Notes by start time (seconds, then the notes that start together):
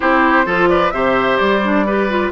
0.00 C4 E4 G4 C5
0.45 F3 F4 A4
0.69 B4 D5
0.91 C3 G4 C5 E5
1.37 G3 D5
1.62 D4
1.85 G4 B4
2.09 F4